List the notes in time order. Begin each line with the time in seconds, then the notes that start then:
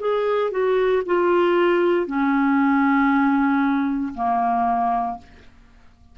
0.00 G#4
0.51 F#4
1.06 F4
2.07 C#4
4.15 A#3